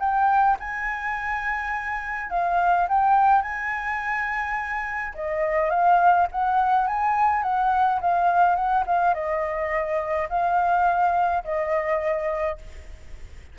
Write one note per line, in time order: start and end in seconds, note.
0.00 0.57 G5
0.60 2.30 G#5
2.30 2.88 F5
2.89 3.42 G5
3.42 5.14 G#5
5.15 5.70 D#5
5.70 6.27 F5
6.32 6.87 F#5
6.87 7.43 G#5
7.43 8.00 F#5
8.01 8.56 F5
8.56 8.84 F#5
8.87 9.14 F5
9.14 10.29 D#5
10.29 11.44 F5
11.44 12.58 D#5